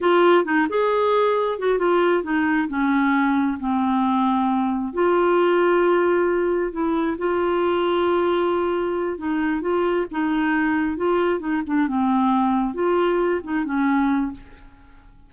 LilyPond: \new Staff \with { instrumentName = "clarinet" } { \time 4/4 \tempo 4 = 134 f'4 dis'8 gis'2 fis'8 | f'4 dis'4 cis'2 | c'2. f'4~ | f'2. e'4 |
f'1~ | f'8 dis'4 f'4 dis'4.~ | dis'8 f'4 dis'8 d'8 c'4.~ | c'8 f'4. dis'8 cis'4. | }